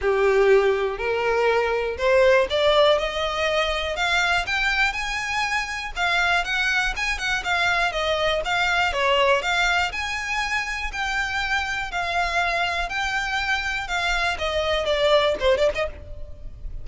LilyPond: \new Staff \with { instrumentName = "violin" } { \time 4/4 \tempo 4 = 121 g'2 ais'2 | c''4 d''4 dis''2 | f''4 g''4 gis''2 | f''4 fis''4 gis''8 fis''8 f''4 |
dis''4 f''4 cis''4 f''4 | gis''2 g''2 | f''2 g''2 | f''4 dis''4 d''4 c''8 d''16 dis''16 | }